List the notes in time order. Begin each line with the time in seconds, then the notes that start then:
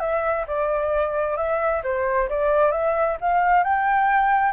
0.00 E5
0.47 D5
1.37 E5
1.83 C5
2.29 D5
2.71 E5
3.21 F5
3.63 G5